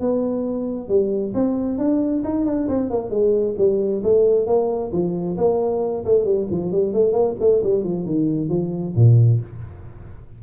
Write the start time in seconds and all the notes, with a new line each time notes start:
0.00 B3
0.89 G3
1.34 C4
1.78 D4
2.24 D#4
2.45 D4
2.68 C4
2.90 A#3
3.10 G#3
3.58 G3
4.03 A3
4.46 A#3
4.92 F3
5.37 A#3
6.05 A3
6.24 G3
6.50 F3
6.72 G3
6.93 A3
7.13 A#3
7.40 A3
7.63 G3
7.84 F3
8.05 D#3
8.49 F3
8.96 A#2